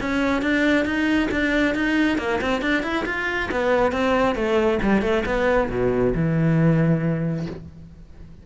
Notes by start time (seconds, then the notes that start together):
0.00 C#4
0.42 D4
0.85 D#4
1.31 D4
1.75 D#4
2.18 A#3
2.41 C4
2.61 D4
2.82 E4
3.05 F4
3.51 B3
3.92 C4
4.35 A3
4.82 G3
5.01 A3
5.25 B3
5.70 B2
6.14 E3